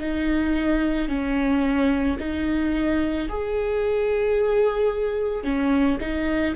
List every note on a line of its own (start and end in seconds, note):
0.00 1.09 D#4
1.09 2.18 C#4
2.20 3.29 D#4
3.29 5.44 G#4
5.44 5.99 C#4
6.01 6.56 D#4